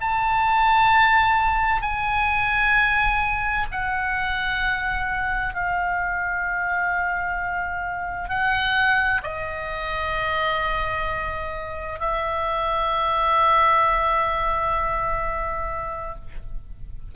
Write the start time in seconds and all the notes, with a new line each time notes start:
0.00 A5
1.82 G#5
3.71 F#5
5.54 F5
8.29 F#5
9.23 D#5
12.00 E5